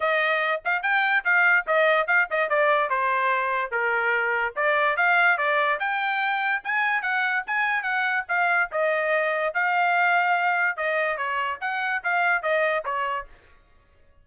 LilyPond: \new Staff \with { instrumentName = "trumpet" } { \time 4/4 \tempo 4 = 145 dis''4. f''8 g''4 f''4 | dis''4 f''8 dis''8 d''4 c''4~ | c''4 ais'2 d''4 | f''4 d''4 g''2 |
gis''4 fis''4 gis''4 fis''4 | f''4 dis''2 f''4~ | f''2 dis''4 cis''4 | fis''4 f''4 dis''4 cis''4 | }